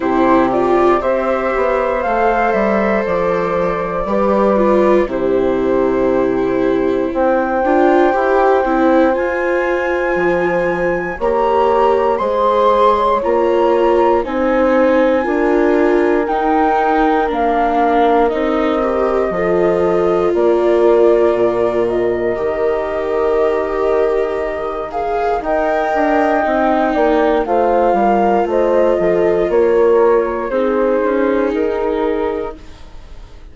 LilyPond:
<<
  \new Staff \with { instrumentName = "flute" } { \time 4/4 \tempo 4 = 59 c''8 d''8 e''4 f''8 e''8 d''4~ | d''4 c''2 g''4~ | g''4 gis''2 ais''4 | c'''4 ais''4 gis''2 |
g''4 f''4 dis''2 | d''4. dis''2~ dis''8~ | dis''8 f''8 g''2 f''4 | dis''4 cis''4 c''4 ais'4 | }
  \new Staff \with { instrumentName = "horn" } { \time 4/4 g'4 c''2. | b'4 g'2 c''4~ | c''2. cis''4 | c''8. cis''4~ cis''16 c''4 ais'4~ |
ais'2. a'4 | ais'1~ | ais'4 dis''4. d''8 c''8 ais'8 | c''8 a'8 ais'4 gis'2 | }
  \new Staff \with { instrumentName = "viola" } { \time 4/4 e'8 f'8 g'4 a'2 | g'8 f'8 e'2~ e'8 f'8 | g'8 e'8 f'2 g'4 | gis'4 f'4 dis'4 f'4 |
dis'4 d'4 dis'8 g'8 f'4~ | f'2 g'2~ | g'8 gis'8 ais'4 dis'4 f'4~ | f'2 dis'2 | }
  \new Staff \with { instrumentName = "bassoon" } { \time 4/4 c4 c'8 b8 a8 g8 f4 | g4 c2 c'8 d'8 | e'8 c'8 f'4 f4 ais4 | gis4 ais4 c'4 d'4 |
dis'4 ais4 c'4 f4 | ais4 ais,4 dis2~ | dis4 dis'8 d'8 c'8 ais8 a8 g8 | a8 f8 ais4 c'8 cis'8 dis'4 | }
>>